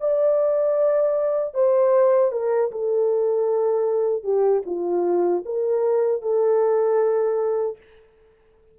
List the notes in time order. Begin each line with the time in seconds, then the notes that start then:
0.00 D5
1.54 C5
2.32 A#4
2.71 A4
4.23 G4
4.66 F4
5.45 A#4
6.22 A4